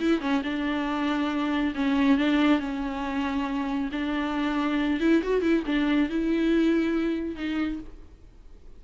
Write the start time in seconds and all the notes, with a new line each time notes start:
0.00 E4
0.21 C#4
0.44 D4
1.75 C#4
2.18 D4
2.60 C#4
3.92 D4
5.01 E4
5.23 F#4
5.42 E4
5.66 D4
6.10 E4
7.36 D#4